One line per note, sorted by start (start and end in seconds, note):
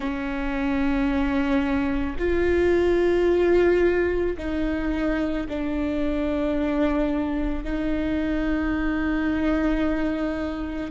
0.00 2.16 C#4
2.18 4.36 F4
4.37 5.46 D#4
5.48 7.64 D4
7.64 10.91 D#4